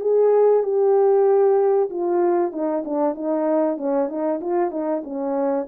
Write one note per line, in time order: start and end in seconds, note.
0.00 0.63 G#4
0.63 1.89 G4
1.90 2.52 F4
2.52 2.83 D#4
2.85 3.15 D4
3.15 3.77 D#4
3.77 4.08 C#4
4.08 4.40 D#4
4.41 4.71 F4
4.71 5.02 D#4
5.04 5.67 C#4